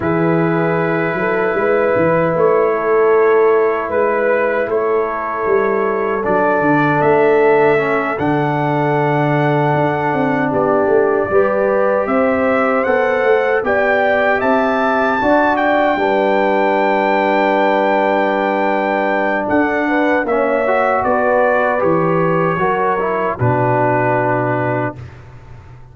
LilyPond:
<<
  \new Staff \with { instrumentName = "trumpet" } { \time 4/4 \tempo 4 = 77 b'2. cis''4~ | cis''4 b'4 cis''2 | d''4 e''4. fis''4.~ | fis''4. d''2 e''8~ |
e''8 fis''4 g''4 a''4. | g''1~ | g''4 fis''4 e''4 d''4 | cis''2 b'2 | }
  \new Staff \with { instrumentName = "horn" } { \time 4/4 gis'4. a'8 b'4. a'8~ | a'4 b'4 a'2~ | a'1~ | a'4. g'4 b'4 c''8~ |
c''4. d''4 e''4 d''8~ | d''8 b'2.~ b'8~ | b'4 a'8 b'8 cis''4 b'4~ | b'4 ais'4 fis'2 | }
  \new Staff \with { instrumentName = "trombone" } { \time 4/4 e'1~ | e'1 | d'2 cis'8 d'4.~ | d'2~ d'8 g'4.~ |
g'8 a'4 g'2 fis'8~ | fis'8 d'2.~ d'8~ | d'2 cis'8 fis'4. | g'4 fis'8 e'8 d'2 | }
  \new Staff \with { instrumentName = "tuba" } { \time 4/4 e4. fis8 gis8 e8 a4~ | a4 gis4 a4 g4 | fis8 d8 a4. d4.~ | d8 d'8 c'8 b8 a8 g4 c'8~ |
c'8 b8 a8 b4 c'4 d'8~ | d'8 g2.~ g8~ | g4 d'4 ais4 b4 | e4 fis4 b,2 | }
>>